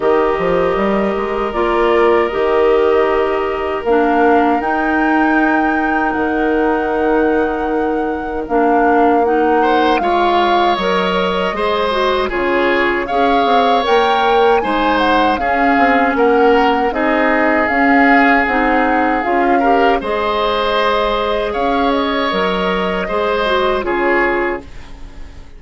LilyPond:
<<
  \new Staff \with { instrumentName = "flute" } { \time 4/4 \tempo 4 = 78 dis''2 d''4 dis''4~ | dis''4 f''4 g''2 | fis''2. f''4 | fis''4 f''4 dis''2 |
cis''4 f''4 g''4 gis''8 fis''8 | f''4 fis''4 dis''4 f''4 | fis''4 f''4 dis''2 | f''8 dis''2~ dis''8 cis''4 | }
  \new Staff \with { instrumentName = "oboe" } { \time 4/4 ais'1~ | ais'1~ | ais'1~ | ais'8 c''8 cis''2 c''4 |
gis'4 cis''2 c''4 | gis'4 ais'4 gis'2~ | gis'4. ais'8 c''2 | cis''2 c''4 gis'4 | }
  \new Staff \with { instrumentName = "clarinet" } { \time 4/4 g'2 f'4 g'4~ | g'4 d'4 dis'2~ | dis'2. d'4 | dis'4 f'4 ais'4 gis'8 fis'8 |
f'4 gis'4 ais'4 dis'4 | cis'2 dis'4 cis'4 | dis'4 f'8 g'8 gis'2~ | gis'4 ais'4 gis'8 fis'8 f'4 | }
  \new Staff \with { instrumentName = "bassoon" } { \time 4/4 dis8 f8 g8 gis8 ais4 dis4~ | dis4 ais4 dis'2 | dis2. ais4~ | ais4 gis4 fis4 gis4 |
cis4 cis'8 c'8 ais4 gis4 | cis'8 c'8 ais4 c'4 cis'4 | c'4 cis'4 gis2 | cis'4 fis4 gis4 cis4 | }
>>